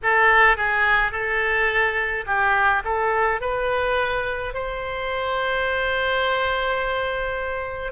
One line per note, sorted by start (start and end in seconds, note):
0.03 0.57 A4
0.57 1.11 G#4
1.11 2.24 A4
2.26 2.83 G4
2.84 3.40 A4
3.40 4.53 B4
4.53 7.91 C5